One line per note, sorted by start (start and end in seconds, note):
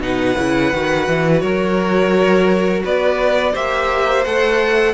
0.00 0.35 B2
0.00 0.36 D#4
0.00 1.43 B4
0.00 1.41 F#5
0.38 0.73 C#3
0.38 0.74 E4
0.73 1.08 D#3
0.73 3.54 F#4
1.08 1.42 E3
1.41 2.83 F#3
1.41 2.84 A#4
1.41 2.82 C#5
2.84 3.55 B3
2.84 3.52 B4
2.84 3.56 D5
3.52 4.26 A#3
3.52 4.24 G4
3.52 4.94 C5
3.52 4.25 E5
4.25 4.94 A3
4.25 4.94 A4
4.25 4.94 F#5